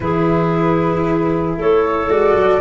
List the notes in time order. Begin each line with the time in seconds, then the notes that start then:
0.00 E3 E4 G#4 B4
1.57 A3 A4 C#5
2.08 G#3 F#4 D5
2.33 F#3